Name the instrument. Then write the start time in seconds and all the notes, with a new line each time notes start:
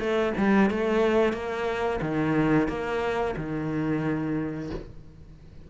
cello
0.00 A3
0.38 G3
0.71 A3
1.34 A#3
2.02 D#3
2.69 A#3
3.37 D#3